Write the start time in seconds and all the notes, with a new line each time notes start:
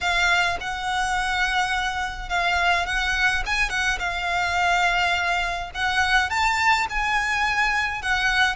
0.00 F5
0.60 F#5
2.29 F5
2.86 F#5
3.46 G#5
3.69 F#5
3.99 F5
5.74 F#5
6.29 A5
6.89 G#5
8.02 F#5